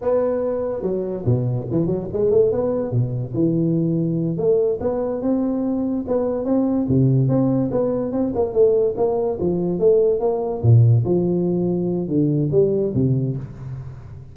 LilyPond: \new Staff \with { instrumentName = "tuba" } { \time 4/4 \tempo 4 = 144 b2 fis4 b,4 | e8 fis8 gis8 a8 b4 b,4 | e2~ e8 a4 b8~ | b8 c'2 b4 c'8~ |
c'8 c4 c'4 b4 c'8 | ais8 a4 ais4 f4 a8~ | a8 ais4 ais,4 f4.~ | f4 d4 g4 c4 | }